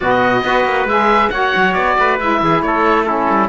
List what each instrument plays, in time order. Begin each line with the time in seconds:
0.00 cello B2, saxophone B3, trumpet F#4, oboe D#5
0.44 cello B3, saxophone F#4, trumpet B4
0.64 cello A#3
0.84 cello G#3, saxophone G#4, oboe E5
1.30 cello A#3, saxophone F#4, trumpet C#5, oboe F#5
1.56 cello F#3
1.73 cello B3, oboe D5
1.98 cello A3, trumpet B4
2.19 cello G#3, saxophone E4, oboe E5
2.42 cello E3, trumpet G#4
2.61 cello A3, trumpet A4, oboe C#5
3.03 saxophone C#4, trumpet E4, oboe A4
3.29 cello G3